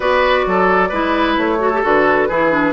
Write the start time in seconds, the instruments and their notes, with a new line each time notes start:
0.00 bassoon B3, clarinet F#4, oboe B4, flute D5
0.46 bassoon F#3, oboe A4
0.88 bassoon G#3, clarinet E4, oboe B4
1.37 bassoon A3, flute C#5
1.59 clarinet F#4, oboe A4
1.73 clarinet G4
1.83 bassoon D3, clarinet F#4, flute B4
2.28 bassoon E3, clarinet E4, oboe G#4
2.51 clarinet D4